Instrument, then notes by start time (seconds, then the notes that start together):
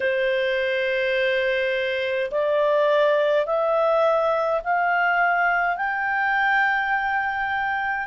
clarinet
0.00 C5
2.31 D5
3.46 E5
4.64 F5
5.76 G5